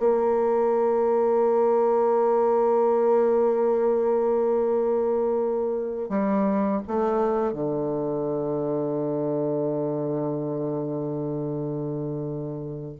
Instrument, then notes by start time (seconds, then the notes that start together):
bassoon
0.00 A#3
6.10 G3
6.88 A3
7.53 D3